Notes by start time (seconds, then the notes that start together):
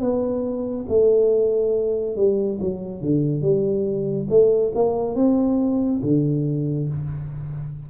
0.00 B3
0.88 A3
2.16 G3
2.60 F#3
3.01 D3
3.42 G3
4.30 A3
4.75 A#3
5.15 C4
6.03 D3